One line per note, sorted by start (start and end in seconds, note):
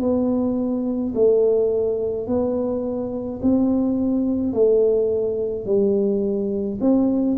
0.00 1.13 B3
1.14 2.27 A3
2.27 3.40 B3
3.42 4.53 C4
4.53 5.65 A3
5.65 6.78 G3
6.81 7.37 C4